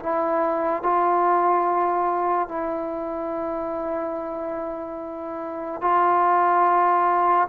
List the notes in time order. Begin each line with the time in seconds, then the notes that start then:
0.00 E4
0.83 F4
2.49 E4
5.82 F4